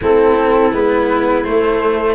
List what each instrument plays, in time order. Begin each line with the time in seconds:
0.01 tuba A3, cello C4, violin E4, flute A4
0.72 tuba G#3, cello B3, flute B4
1.44 cello A3, tuba A3, flute C5